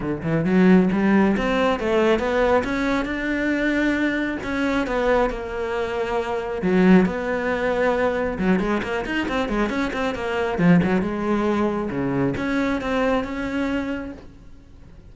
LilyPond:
\new Staff \with { instrumentName = "cello" } { \time 4/4 \tempo 4 = 136 d8 e8 fis4 g4 c'4 | a4 b4 cis'4 d'4~ | d'2 cis'4 b4 | ais2. fis4 |
b2. fis8 gis8 | ais8 dis'8 c'8 gis8 cis'8 c'8 ais4 | f8 fis8 gis2 cis4 | cis'4 c'4 cis'2 | }